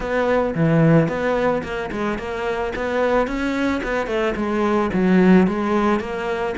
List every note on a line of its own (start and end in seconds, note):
0.00 0.54 B3
0.54 1.08 E3
1.08 1.62 B3
1.63 1.90 A#3
1.91 2.18 G#3
2.18 2.72 A#3
2.75 3.27 B3
3.27 3.81 C#4
3.83 4.06 B3
4.06 4.34 A3
4.36 4.90 G#3
4.93 5.47 F#3
5.47 6.00 G#3
6.00 6.54 A#3